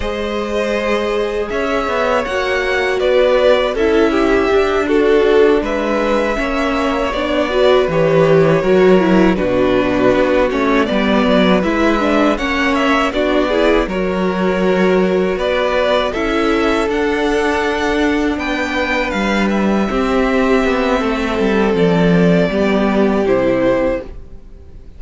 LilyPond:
<<
  \new Staff \with { instrumentName = "violin" } { \time 4/4 \tempo 4 = 80 dis''2 e''4 fis''4 | d''4 e''4. a'4 e''8~ | e''4. d''4 cis''4.~ | cis''8 b'4. cis''8 d''4 e''8~ |
e''8 fis''8 e''8 d''4 cis''4.~ | cis''8 d''4 e''4 fis''4.~ | fis''8 g''4 f''8 e''2~ | e''4 d''2 c''4 | }
  \new Staff \with { instrumentName = "violin" } { \time 4/4 c''2 cis''2 | b'4 a'8 g'4 fis'4 b'8~ | b'8 cis''4. b'4. ais'8~ | ais'8 fis'2 b'4.~ |
b'8 cis''4 fis'8 gis'8 ais'4.~ | ais'8 b'4 a'2~ a'8~ | a'8 b'2 g'4. | a'2 g'2 | }
  \new Staff \with { instrumentName = "viola" } { \time 4/4 gis'2. fis'4~ | fis'4 e'4 d'2~ | d'8 cis'4 d'8 fis'8 g'4 fis'8 | e'8 d'4. cis'8 b4 e'8 |
d'8 cis'4 d'8 e'8 fis'4.~ | fis'4. e'4 d'4.~ | d'2~ d'8 c'4.~ | c'2 b4 e'4 | }
  \new Staff \with { instrumentName = "cello" } { \time 4/4 gis2 cis'8 b8 ais4 | b4 cis'4 d'4. gis8~ | gis8 ais4 b4 e4 fis8~ | fis8 b,4 b8 a8 g8 fis8 gis8~ |
gis8 ais4 b4 fis4.~ | fis8 b4 cis'4 d'4.~ | d'8 b4 g4 c'4 b8 | a8 g8 f4 g4 c4 | }
>>